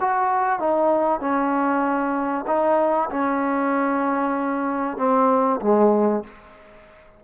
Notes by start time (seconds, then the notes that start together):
0.00 F#4
0.59 D#4
1.20 C#4
2.47 D#4
3.10 C#4
4.97 C4
5.61 G#3